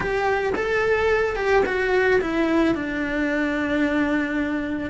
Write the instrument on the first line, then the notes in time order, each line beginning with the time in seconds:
cello
0.00 G4
0.55 A4
1.36 G4
1.65 F#4
2.21 E4
2.74 D4